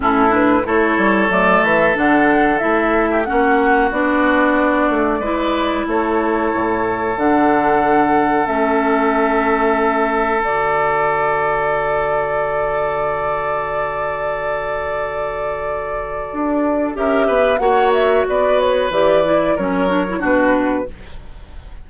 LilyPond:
<<
  \new Staff \with { instrumentName = "flute" } { \time 4/4 \tempo 4 = 92 a'8 b'8 cis''4 d''8 e''8 fis''4 | e''4 fis''4 d''2~ | d''4 cis''2 fis''4~ | fis''4 e''2. |
d''1~ | d''1~ | d''2 e''4 fis''8 e''8 | d''8 cis''8 d''4 cis''4 b'4 | }
  \new Staff \with { instrumentName = "oboe" } { \time 4/4 e'4 a'2.~ | a'8. g'16 fis'2. | b'4 a'2.~ | a'1~ |
a'1~ | a'1~ | a'2 ais'8 b'8 cis''4 | b'2 ais'4 fis'4 | }
  \new Staff \with { instrumentName = "clarinet" } { \time 4/4 cis'8 d'8 e'4 a4 d'4 | e'4 cis'4 d'2 | e'2. d'4~ | d'4 cis'2. |
fis'1~ | fis'1~ | fis'2 g'4 fis'4~ | fis'4 g'8 e'8 cis'8 d'16 e'16 d'4 | }
  \new Staff \with { instrumentName = "bassoon" } { \time 4/4 a,4 a8 g8 fis8 e8 d4 | a4 ais4 b4. a8 | gis4 a4 a,4 d4~ | d4 a2. |
d1~ | d1~ | d4 d'4 cis'8 b8 ais4 | b4 e4 fis4 b,4 | }
>>